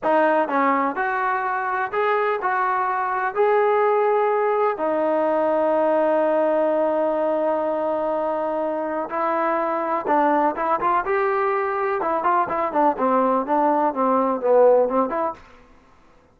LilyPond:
\new Staff \with { instrumentName = "trombone" } { \time 4/4 \tempo 4 = 125 dis'4 cis'4 fis'2 | gis'4 fis'2 gis'4~ | gis'2 dis'2~ | dis'1~ |
dis'2. e'4~ | e'4 d'4 e'8 f'8 g'4~ | g'4 e'8 f'8 e'8 d'8 c'4 | d'4 c'4 b4 c'8 e'8 | }